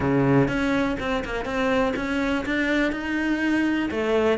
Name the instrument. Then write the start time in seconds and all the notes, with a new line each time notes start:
cello
0.00 C#3
0.48 C#4
0.99 C4
1.24 A#3
1.45 C4
1.96 C#4
2.45 D4
2.92 D#4
3.90 A3